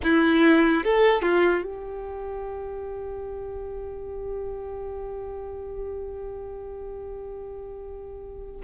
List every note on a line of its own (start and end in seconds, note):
0.03 0.84 E4
0.84 1.21 A4
1.21 1.63 F4
1.63 8.61 G4